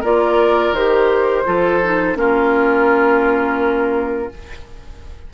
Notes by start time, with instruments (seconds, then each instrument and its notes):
0.00 bassoon A#3, clarinet F4, oboe A#4, flute D5
0.72 bassoon D#3, clarinet G4, flute C5
1.45 bassoon F3, clarinet F4, oboe A4
1.84 clarinet D#4
2.15 bassoon A#3, clarinet C#4, oboe F4, flute A#4